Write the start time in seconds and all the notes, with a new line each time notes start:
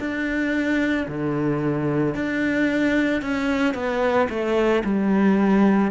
0.00 D4
1.09 D3
2.15 D4
3.22 C#4
3.75 B3
4.30 A3
4.85 G3